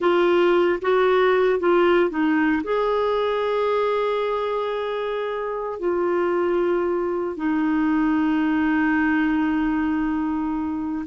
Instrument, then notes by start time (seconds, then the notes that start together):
clarinet
0.00 F4
0.81 F#4
1.59 F4
2.10 D#4
2.63 G#4
5.79 F4
7.36 D#4